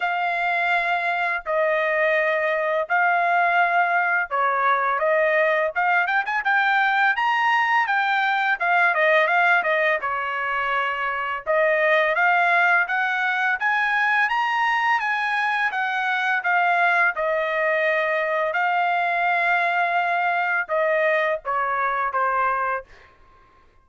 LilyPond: \new Staff \with { instrumentName = "trumpet" } { \time 4/4 \tempo 4 = 84 f''2 dis''2 | f''2 cis''4 dis''4 | f''8 g''16 gis''16 g''4 ais''4 g''4 | f''8 dis''8 f''8 dis''8 cis''2 |
dis''4 f''4 fis''4 gis''4 | ais''4 gis''4 fis''4 f''4 | dis''2 f''2~ | f''4 dis''4 cis''4 c''4 | }